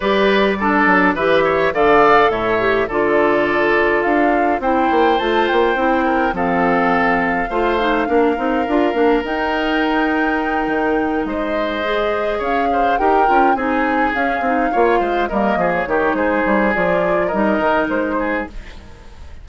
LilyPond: <<
  \new Staff \with { instrumentName = "flute" } { \time 4/4 \tempo 4 = 104 d''2 e''4 f''4 | e''4 d''2 f''4 | g''4 a''8 g''4. f''4~ | f''1 |
g''2.~ g''8 dis''8~ | dis''4. f''4 g''4 gis''8~ | gis''8 f''2 dis''8. cis''8. | c''4 d''4 dis''4 c''4 | }
  \new Staff \with { instrumentName = "oboe" } { \time 4/4 b'4 a'4 b'8 cis''8 d''4 | cis''4 a'2. | c''2~ c''8 ais'8 a'4~ | a'4 c''4 ais'2~ |
ais'2.~ ais'8 c''8~ | c''4. cis''8 c''8 ais'4 gis'8~ | gis'4. cis''8 c''8 ais'8 gis'8 g'8 | gis'2 ais'4. gis'8 | }
  \new Staff \with { instrumentName = "clarinet" } { \time 4/4 g'4 d'4 g'4 a'4~ | a'8 g'8 f'2. | e'4 f'4 e'4 c'4~ | c'4 f'8 dis'8 d'8 dis'8 f'8 d'8 |
dis'1~ | dis'8 gis'2 g'8 f'8 dis'8~ | dis'8 cis'8 dis'8 f'4 ais4 dis'8~ | dis'4 f'4 dis'2 | }
  \new Staff \with { instrumentName = "bassoon" } { \time 4/4 g4. fis8 e4 d4 | a,4 d2 d'4 | c'8 ais8 a8 ais8 c'4 f4~ | f4 a4 ais8 c'8 d'8 ais8 |
dis'2~ dis'8 dis4 gis8~ | gis4. cis'4 dis'8 cis'8 c'8~ | c'8 cis'8 c'8 ais8 gis8 g8 f8 dis8 | gis8 g8 f4 g8 dis8 gis4 | }
>>